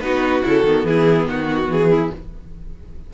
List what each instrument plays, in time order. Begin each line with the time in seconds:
0.00 cello B3, viola D#4, violin F#4 B4
0.43 cello C#3, viola E4, violin A4
0.64 cello D#3, viola B3
0.84 cello E3, violin E4 G#4
1.26 cello D#3, violin F#4
1.68 cello E3, violin G#4
1.90 violin E4